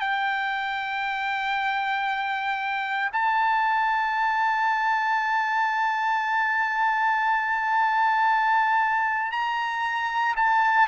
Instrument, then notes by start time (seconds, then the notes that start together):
trumpet
0.00 G5
3.13 A5
9.32 A#5
10.36 A5